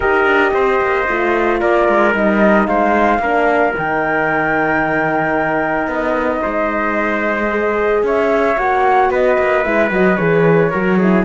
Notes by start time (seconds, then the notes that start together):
0.00 D#4 G4 A#4 D#5
0.25 D4
0.53 C4 C5
0.81 A#3
1.08 A3 F4
1.60 A#3 A#4 D5
1.88 G#3
2.12 G3 D#4 D#5
2.66 G#3 C5 F5
3.18 A#3 D4 A#4
3.77 D#3 D#4 G5
5.86 B3 D#5
6.42 G#3 C5
7.49 G#4
8.02 C#4 C#5 E5
8.56 A#3 F#4 F#5
9.10 B3 B4 D#5
9.38 A#3
9.63 G#3 E4 E5
9.90 F#3 F#4 D#5
10.16 E3 G#4 C#5
10.70 F#3 F#4 A#4
10.98 E4 G#4